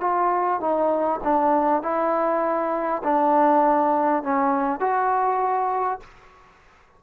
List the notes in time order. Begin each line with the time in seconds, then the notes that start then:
0.00 F4
0.60 D#4
1.23 D4
1.82 E4
3.03 D4
4.23 C#4
4.80 F#4